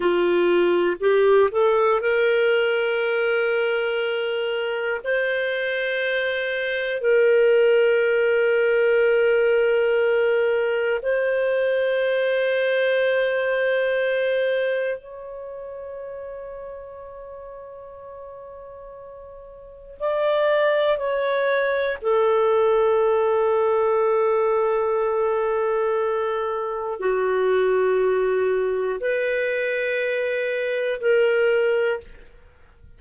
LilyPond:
\new Staff \with { instrumentName = "clarinet" } { \time 4/4 \tempo 4 = 60 f'4 g'8 a'8 ais'2~ | ais'4 c''2 ais'4~ | ais'2. c''4~ | c''2. cis''4~ |
cis''1 | d''4 cis''4 a'2~ | a'2. fis'4~ | fis'4 b'2 ais'4 | }